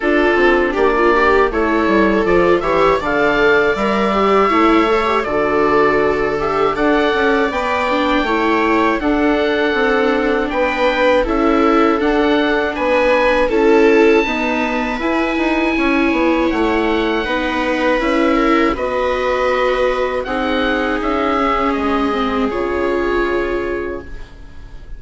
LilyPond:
<<
  \new Staff \with { instrumentName = "oboe" } { \time 4/4 \tempo 4 = 80 a'4 d''4 cis''4 d''8 e''8 | f''4 e''2 d''4~ | d''8 e''8 fis''4 g''2 | fis''2 g''4 e''4 |
fis''4 gis''4 a''2 | gis''2 fis''2 | e''4 dis''2 fis''4 | e''4 dis''4 cis''2 | }
  \new Staff \with { instrumentName = "viola" } { \time 4/4 f'4 g'16 f'16 g'8 a'4. cis''8 | d''2 cis''4 a'4~ | a'4 d''2 cis''4 | a'2 b'4 a'4~ |
a'4 b'4 a'4 b'4~ | b'4 cis''2 b'4~ | b'8 ais'8 b'2 gis'4~ | gis'1 | }
  \new Staff \with { instrumentName = "viola" } { \time 4/4 d'2 e'4 f'8 g'8 | a'4 ais'8 g'8 e'8 a'16 g'16 fis'4~ | fis'8 g'8 a'4 b'8 d'8 e'4 | d'2. e'4 |
d'2 e'4 b4 | e'2. dis'4 | e'4 fis'2 dis'4~ | dis'8 cis'4 c'8 f'2 | }
  \new Staff \with { instrumentName = "bassoon" } { \time 4/4 d'8 c'8 ais4 a8 g8 f8 e8 | d4 g4 a4 d4~ | d4 d'8 cis'8 b4 a4 | d'4 c'4 b4 cis'4 |
d'4 b4 cis'4 dis'4 | e'8 dis'8 cis'8 b8 a4 b4 | cis'4 b2 c'4 | cis'4 gis4 cis2 | }
>>